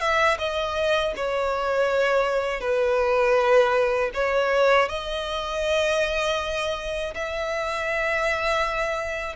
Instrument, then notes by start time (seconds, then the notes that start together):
violin
0.00 E5
0.38 D#5
1.16 C#5
2.60 B4
4.14 C#5
4.89 D#5
7.14 E5